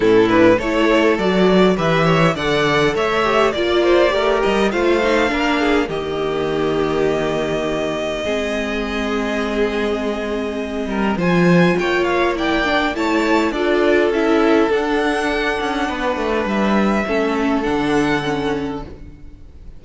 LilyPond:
<<
  \new Staff \with { instrumentName = "violin" } { \time 4/4 \tempo 4 = 102 a'8 b'8 cis''4 d''4 e''4 | fis''4 e''4 d''4. dis''8 | f''2 dis''2~ | dis''1~ |
dis''2. gis''4 | g''8 f''8 g''4 a''4 d''4 | e''4 fis''2. | e''2 fis''2 | }
  \new Staff \with { instrumentName = "violin" } { \time 4/4 e'4 a'2 b'8 cis''8 | d''4 cis''4 d''8 c''8 ais'4 | c''4 ais'8 gis'8 g'2~ | g'2 gis'2~ |
gis'2~ gis'8 ais'8 c''4 | cis''4 d''4 cis''4 a'4~ | a'2. b'4~ | b'4 a'2. | }
  \new Staff \with { instrumentName = "viola" } { \time 4/4 cis'8 d'8 e'4 fis'4 g'4 | a'4. g'8 f'4 g'4 | f'8 dis'8 d'4 ais2~ | ais2 c'2~ |
c'2. f'4~ | f'4 e'8 d'8 e'4 f'4 | e'4 d'2.~ | d'4 cis'4 d'4 cis'4 | }
  \new Staff \with { instrumentName = "cello" } { \time 4/4 a,4 a4 fis4 e4 | d4 a4 ais4 a8 g8 | a4 ais4 dis2~ | dis2 gis2~ |
gis2~ gis8 g8 f4 | ais2 a4 d'4 | cis'4 d'4. cis'8 b8 a8 | g4 a4 d2 | }
>>